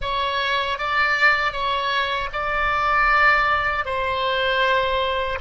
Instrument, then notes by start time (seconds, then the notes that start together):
oboe
0.01 C#5
0.78 D5
1.52 C#5
2.32 D5
3.85 C5